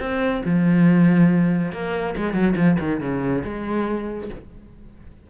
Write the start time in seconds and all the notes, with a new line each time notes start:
0.00 C4
0.46 F3
1.73 A#3
2.17 G#3
2.34 F#3
2.57 F3
2.80 D#3
3.01 C#3
3.45 G#3